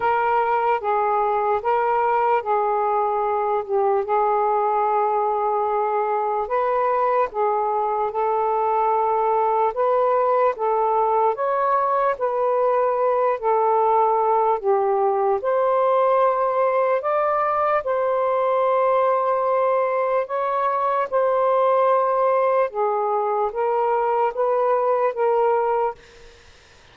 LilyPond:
\new Staff \with { instrumentName = "saxophone" } { \time 4/4 \tempo 4 = 74 ais'4 gis'4 ais'4 gis'4~ | gis'8 g'8 gis'2. | b'4 gis'4 a'2 | b'4 a'4 cis''4 b'4~ |
b'8 a'4. g'4 c''4~ | c''4 d''4 c''2~ | c''4 cis''4 c''2 | gis'4 ais'4 b'4 ais'4 | }